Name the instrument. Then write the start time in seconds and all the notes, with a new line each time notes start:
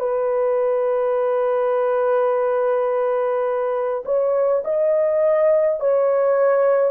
horn
0.00 B4
4.05 C#5
4.65 D#5
5.80 C#5